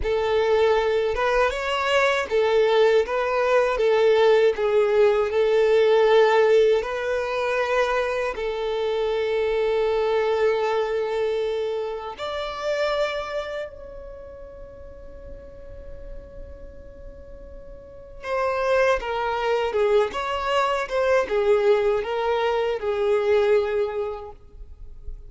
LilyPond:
\new Staff \with { instrumentName = "violin" } { \time 4/4 \tempo 4 = 79 a'4. b'8 cis''4 a'4 | b'4 a'4 gis'4 a'4~ | a'4 b'2 a'4~ | a'1 |
d''2 cis''2~ | cis''1 | c''4 ais'4 gis'8 cis''4 c''8 | gis'4 ais'4 gis'2 | }